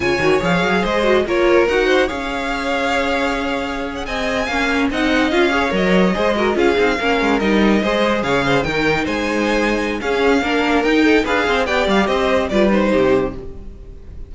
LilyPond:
<<
  \new Staff \with { instrumentName = "violin" } { \time 4/4 \tempo 4 = 144 gis''4 f''4 dis''4 cis''4 | fis''4 f''2.~ | f''4. fis''16 gis''2 fis''16~ | fis''8. f''4 dis''2 f''16~ |
f''4.~ f''16 dis''2 f''16~ | f''8. g''4 gis''2~ gis''16 | f''2 g''4 f''4 | g''8 f''8 dis''4 d''8 c''4. | }
  \new Staff \with { instrumentName = "violin" } { \time 4/4 cis''2 c''4 ais'4~ | ais'8 c''8 cis''2.~ | cis''4.~ cis''16 dis''4 f''4 dis''16~ | dis''4~ dis''16 cis''4. c''8 ais'8 gis'16~ |
gis'8. ais'2 c''4 cis''16~ | cis''16 c''8 ais'4 c''2~ c''16 | gis'4 ais'4. a'8 b'8 c''8 | d''4 c''4 b'4 g'4 | }
  \new Staff \with { instrumentName = "viola" } { \time 4/4 f'8 fis'8 gis'4. fis'8 f'4 | fis'4 gis'2.~ | gis'2~ gis'8. cis'4 dis'16~ | dis'8. f'8 gis'8 ais'4 gis'8 fis'8 f'16~ |
f'16 dis'8 cis'4 dis'4 gis'4~ gis'16~ | gis'8. dis'2.~ dis'16 | cis'4 d'4 dis'4 gis'4 | g'2 f'8 dis'4. | }
  \new Staff \with { instrumentName = "cello" } { \time 4/4 cis8 dis8 f8 fis8 gis4 ais4 | dis'4 cis'2.~ | cis'4.~ cis'16 c'4 ais4 c'16~ | c'8. cis'4 fis4 gis4 cis'16~ |
cis'16 c'8 ais8 gis8 g4 gis4 cis16~ | cis8. dis4 gis2~ gis16 | cis'4 ais4 dis'4 d'8 c'8 | b8 g8 c'4 g4 c4 | }
>>